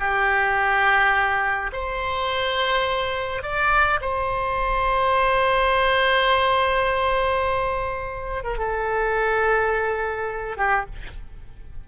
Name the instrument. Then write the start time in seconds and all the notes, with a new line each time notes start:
oboe
0.00 G4
1.73 C5
3.43 D5
4.02 C5
8.44 A#4
8.58 A4
10.57 G4